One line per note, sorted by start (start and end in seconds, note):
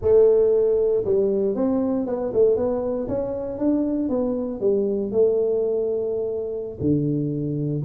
0.01 1.04 A3
1.05 1.55 G3
1.55 2.06 C4
2.06 2.32 B3
2.33 2.56 A3
2.56 3.07 B3
3.08 3.58 C#4
3.58 4.09 D4
4.09 4.60 B3
4.60 5.11 G3
5.11 6.78 A3
6.80 7.83 D3